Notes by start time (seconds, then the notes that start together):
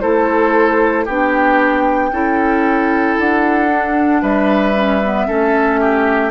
0.00 A3 E4 A4 C5
1.05 B3 D4 G4 G5
2.11 C#4 E4 A4
3.18 D4 F#5
3.69 D4
4.21 G3 B4 E5
4.74 C#4
5.04 B3
5.27 A3 C#4 A4
5.80 G4